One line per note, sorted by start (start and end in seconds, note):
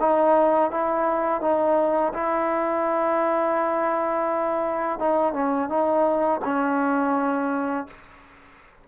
0.00 0.71 D#4
0.71 1.41 E4
1.41 2.13 D#4
2.13 4.99 E4
4.99 5.33 D#4
5.33 5.69 C#4
5.69 6.41 D#4
6.44 7.87 C#4